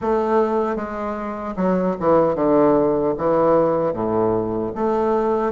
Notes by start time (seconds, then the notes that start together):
0.01 A3
0.75 G#3
1.56 F#3
2.00 E3
2.35 D3
3.17 E3
3.93 A2
4.75 A3